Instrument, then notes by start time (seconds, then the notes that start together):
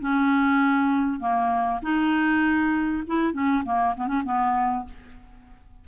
clarinet
0.00 C#4
1.20 A#3
1.82 D#4
3.07 E4
3.33 C#4
3.65 A#3
3.96 B3
4.07 C#4
4.25 B3